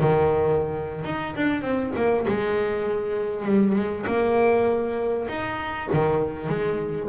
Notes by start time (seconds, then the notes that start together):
0.00 D#3
1.05 D#4
1.36 D4
1.62 C4
1.96 A#3
2.28 G#3
3.46 G3
3.75 G#3
4.07 A#3
5.29 D#4
5.93 D#3
6.49 G#3